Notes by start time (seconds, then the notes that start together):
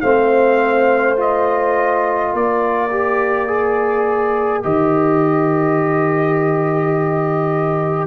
0.00 A3 C4 C5 F5
1.16 F4 D#5
2.30 A#3 A#4 D5
2.91 G4
3.47 G#4
4.62 D#3 G4 D#5